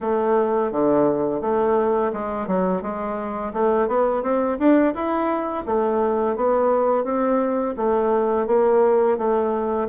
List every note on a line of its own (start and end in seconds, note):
0.01 0.71 A3
0.71 1.41 D3
1.41 2.11 A3
2.12 2.47 G#3
2.47 2.82 F#3
2.82 3.52 G#3
3.53 3.88 A3
3.88 4.23 B3
4.23 4.58 C4
4.59 4.94 D4
4.94 5.64 E4
5.66 6.36 A3
6.36 7.04 B3
7.04 7.74 C4
7.76 8.46 A3
8.46 9.17 A#3
9.17 9.88 A3